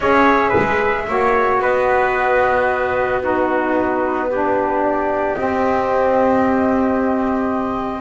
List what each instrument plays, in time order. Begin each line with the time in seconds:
0.00 double bass C#4, saxophone G#4, trumpet C#5, flute E5
0.49 trumpet B4
0.57 double bass G#3
1.08 double bass A#3, saxophone F#4, trumpet C#5
1.59 double bass B3, trumpet B4, flute D#5
3.21 saxophone D#4, trumpet F#4, flute B4
4.28 saxophone D4, trumpet G4
4.82 flute D5
5.34 saxophone C4, double bass C4, flute D#5